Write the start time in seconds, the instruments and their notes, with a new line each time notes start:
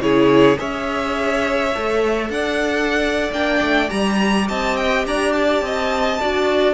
0.00 cello C#3, viola E4, violin G#4 C#5
0.56 cello C#4, viola G#4, violin C#5 E5
1.75 cello A3, viola A4
2.30 cello D4, violin D5 F#5
3.32 cello A#3, viola D4, violin G5
3.61 cello A3
3.89 cello G3, viola G4, violin A#5
4.48 cello C4, violin D#5 A5
4.77 violin G5
5.06 cello D4, violin D5 A#5
5.33 violin A5
5.62 cello C4, violin D#5
6.21 cello D4, viola F#4, violin D5